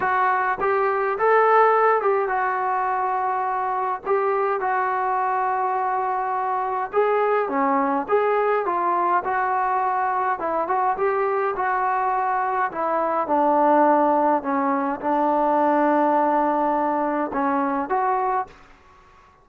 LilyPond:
\new Staff \with { instrumentName = "trombone" } { \time 4/4 \tempo 4 = 104 fis'4 g'4 a'4. g'8 | fis'2. g'4 | fis'1 | gis'4 cis'4 gis'4 f'4 |
fis'2 e'8 fis'8 g'4 | fis'2 e'4 d'4~ | d'4 cis'4 d'2~ | d'2 cis'4 fis'4 | }